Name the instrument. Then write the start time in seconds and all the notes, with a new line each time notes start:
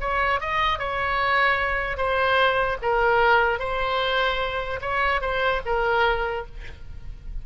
oboe
0.00 C#5
0.40 D#5
0.79 C#5
1.97 C5
2.82 A#4
3.59 C5
4.81 C#5
5.21 C5
5.65 A#4